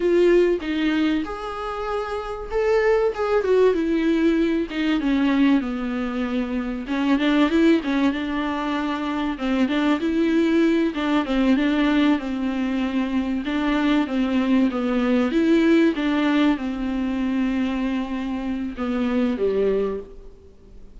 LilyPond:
\new Staff \with { instrumentName = "viola" } { \time 4/4 \tempo 4 = 96 f'4 dis'4 gis'2 | a'4 gis'8 fis'8 e'4. dis'8 | cis'4 b2 cis'8 d'8 | e'8 cis'8 d'2 c'8 d'8 |
e'4. d'8 c'8 d'4 c'8~ | c'4. d'4 c'4 b8~ | b8 e'4 d'4 c'4.~ | c'2 b4 g4 | }